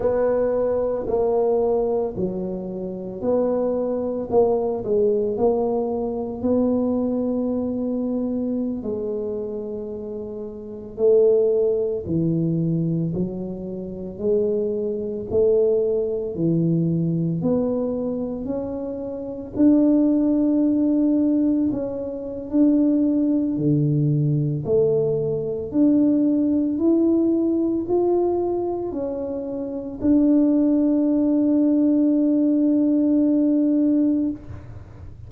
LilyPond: \new Staff \with { instrumentName = "tuba" } { \time 4/4 \tempo 4 = 56 b4 ais4 fis4 b4 | ais8 gis8 ais4 b2~ | b16 gis2 a4 e8.~ | e16 fis4 gis4 a4 e8.~ |
e16 b4 cis'4 d'4.~ d'16~ | d'16 cis'8. d'4 d4 a4 | d'4 e'4 f'4 cis'4 | d'1 | }